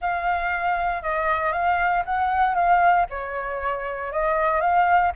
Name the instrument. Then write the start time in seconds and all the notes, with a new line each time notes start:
flute
0.01 F5
1.02 D#5
1.52 F5
2.05 F#5
2.55 F5
3.10 C#5
4.12 D#5
4.60 F5